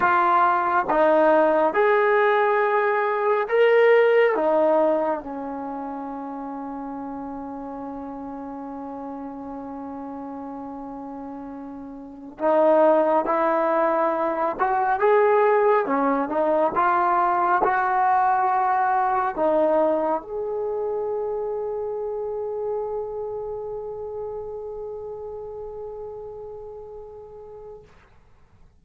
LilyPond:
\new Staff \with { instrumentName = "trombone" } { \time 4/4 \tempo 4 = 69 f'4 dis'4 gis'2 | ais'4 dis'4 cis'2~ | cis'1~ | cis'2~ cis'16 dis'4 e'8.~ |
e'8. fis'8 gis'4 cis'8 dis'8 f'8.~ | f'16 fis'2 dis'4 gis'8.~ | gis'1~ | gis'1 | }